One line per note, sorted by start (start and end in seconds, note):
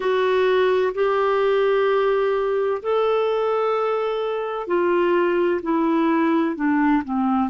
0.00 0.93 F#4
0.94 2.82 G4
2.82 4.67 A4
4.67 5.60 F4
5.62 6.55 E4
6.55 7.02 D4
7.04 7.49 C4